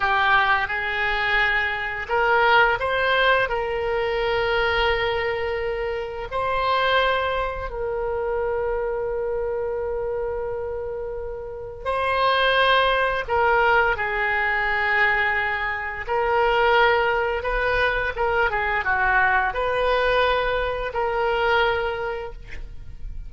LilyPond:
\new Staff \with { instrumentName = "oboe" } { \time 4/4 \tempo 4 = 86 g'4 gis'2 ais'4 | c''4 ais'2.~ | ais'4 c''2 ais'4~ | ais'1~ |
ais'4 c''2 ais'4 | gis'2. ais'4~ | ais'4 b'4 ais'8 gis'8 fis'4 | b'2 ais'2 | }